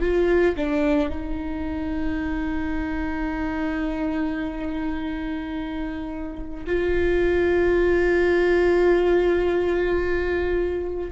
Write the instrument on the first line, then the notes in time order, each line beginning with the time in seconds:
viola
0.00 F4
0.56 D4
1.09 D#4
6.66 F4